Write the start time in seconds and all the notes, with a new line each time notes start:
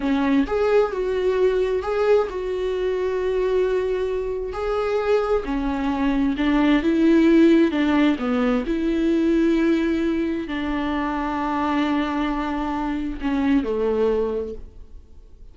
0.00 C#4
0.46 G#4
0.92 F#4
1.82 G#4
2.29 F#4
4.52 G#4
5.44 C#4
6.37 D4
6.83 E4
7.71 D4
8.18 B3
8.66 E4
10.47 D4
13.21 C#4
13.63 A3